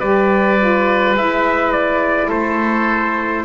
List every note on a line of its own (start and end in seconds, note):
0.00 1.15 G3
0.00 0.59 G4
0.00 2.28 B4
0.00 1.16 D5
0.59 1.16 F4
1.15 2.30 G#3
1.15 3.45 E4
1.15 1.72 E5
1.72 2.30 D5
2.28 3.45 A3
2.28 3.44 A4
2.28 3.45 C5